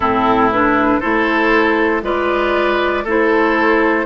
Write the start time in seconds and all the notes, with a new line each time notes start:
0.00 A2 C4 E4 A4
0.51 D4 B4
1.00 A3 E4 A4 C5
2.02 G#3 F4 B4 D5
3.04 A3 E4 A4
3.10 C5